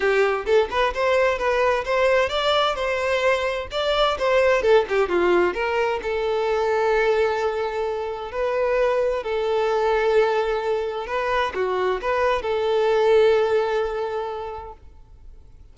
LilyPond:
\new Staff \with { instrumentName = "violin" } { \time 4/4 \tempo 4 = 130 g'4 a'8 b'8 c''4 b'4 | c''4 d''4 c''2 | d''4 c''4 a'8 g'8 f'4 | ais'4 a'2.~ |
a'2 b'2 | a'1 | b'4 fis'4 b'4 a'4~ | a'1 | }